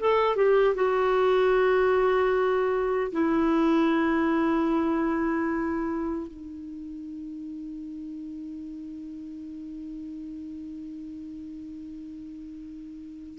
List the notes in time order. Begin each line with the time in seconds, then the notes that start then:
0.00 A4
0.37 G4
0.75 F#4
3.13 E4
6.28 D#4